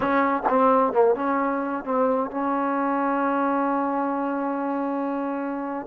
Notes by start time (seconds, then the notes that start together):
0.00 C#4
0.48 C4
0.93 A#3
1.15 C#4
1.84 C4
2.31 C#4